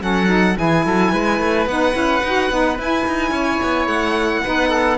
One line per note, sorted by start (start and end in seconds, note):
0.00 0.56 F#3
0.00 0.27 C#4
0.00 0.58 A4
0.00 0.57 F#5
0.27 0.55 D#4
0.56 0.85 E3
0.56 1.66 E4
0.56 0.85 G#4
0.56 1.67 G#5
0.85 1.12 F#3
0.85 1.12 A4
1.12 1.39 G#3
1.12 3.31 B4
1.39 1.66 A3
1.66 1.93 B3
1.66 1.93 D#4
1.66 2.77 F#5
1.93 2.22 C#4
1.93 2.20 E4
2.23 2.50 D#4
2.23 2.50 F#4
2.50 2.78 B3
2.50 2.78 D#4
2.78 3.06 E4
2.78 4.44 E4
2.78 3.87 G#5
3.07 3.30 D#4
3.30 3.58 C#4
3.30 4.41 C#5
3.62 3.86 B3
3.86 4.41 A3
3.86 4.97 F#5
4.43 4.97 B3
4.43 4.97 D#4
4.43 4.69 B4
4.69 4.96 A4